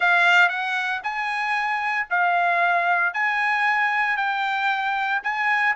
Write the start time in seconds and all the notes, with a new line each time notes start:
0.00 F5
0.48 F#5
1.03 G#5
2.10 F5
3.13 G#5
4.16 G5
5.23 G#5